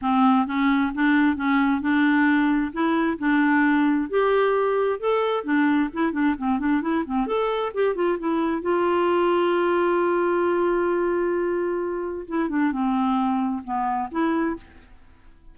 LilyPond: \new Staff \with { instrumentName = "clarinet" } { \time 4/4 \tempo 4 = 132 c'4 cis'4 d'4 cis'4 | d'2 e'4 d'4~ | d'4 g'2 a'4 | d'4 e'8 d'8 c'8 d'8 e'8 c'8 |
a'4 g'8 f'8 e'4 f'4~ | f'1~ | f'2. e'8 d'8 | c'2 b4 e'4 | }